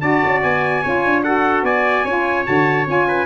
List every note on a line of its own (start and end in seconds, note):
0.00 0.22 D4
0.00 0.83 F#4
0.00 0.82 D5
0.00 0.41 A5
0.25 0.43 C#4
0.42 0.84 B3
0.42 1.23 G#5
0.82 1.04 C#4
0.82 1.24 F4
0.82 1.23 C#5
1.04 1.63 D4
1.23 2.06 F#4
1.23 1.65 A4
1.23 1.63 F#5
1.63 2.03 B3
1.63 2.04 D5
1.63 2.46 G#5
2.04 2.45 C#4
2.04 2.45 F4
2.04 3.06 C#5
2.45 2.87 D3
2.45 2.86 F#4
2.45 2.87 A5
2.86 3.26 C#4
2.86 3.26 F4
2.86 3.26 G#5
3.07 3.26 B4